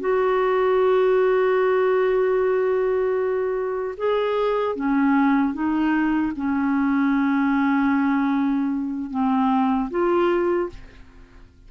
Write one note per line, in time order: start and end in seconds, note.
0.00 3.95 F#4
3.97 4.76 G#4
4.76 5.54 C#4
5.54 6.32 D#4
6.36 9.10 C#4
9.10 9.89 C4
9.90 10.69 F4